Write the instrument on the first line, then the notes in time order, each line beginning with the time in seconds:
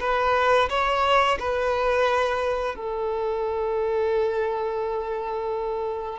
violin
0.00 B4
0.69 C#5
1.39 B4
2.76 A4